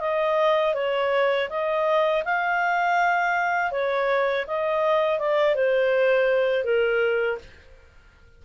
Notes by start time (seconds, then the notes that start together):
0.00 D#5
0.74 C#5
1.49 D#5
2.25 F5
3.71 C#5
4.47 D#5
5.19 D5
5.55 C5
6.64 A#4